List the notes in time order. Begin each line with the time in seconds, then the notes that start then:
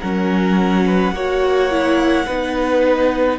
0.00 F#3 C#4 A#4 F#5
0.86 B4
1.12 A#3 F#4 C#5
1.71 E4
2.26 B3 D#4 B4